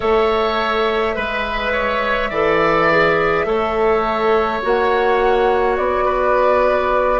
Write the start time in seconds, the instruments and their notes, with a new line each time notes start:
0.00 bassoon A3, clarinet A4, oboe C#5, flute E5
1.14 bassoon G#3, clarinet B4, oboe B4
1.72 oboe C#5
2.30 bassoon E3, clarinet A4, oboe D5
2.91 clarinet G#4
3.45 bassoon A3, clarinet A4, oboe C#5
4.62 bassoon A#3, clarinet F#4, flute F#5
5.77 bassoon B3, flute D5
6.05 oboe B4